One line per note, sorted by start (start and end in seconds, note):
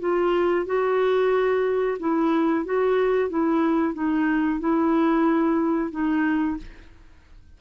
0.00 0.66 F4
0.66 1.98 F#4
2.00 2.66 E4
2.66 3.30 F#4
3.30 3.94 E4
3.94 4.60 D#4
4.60 5.92 E4
5.92 6.58 D#4